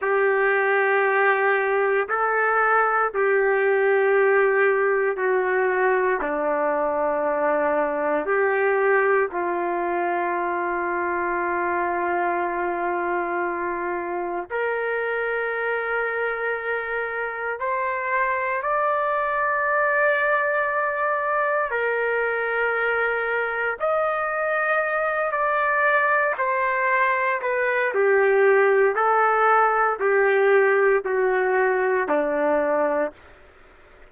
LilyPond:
\new Staff \with { instrumentName = "trumpet" } { \time 4/4 \tempo 4 = 58 g'2 a'4 g'4~ | g'4 fis'4 d'2 | g'4 f'2.~ | f'2 ais'2~ |
ais'4 c''4 d''2~ | d''4 ais'2 dis''4~ | dis''8 d''4 c''4 b'8 g'4 | a'4 g'4 fis'4 d'4 | }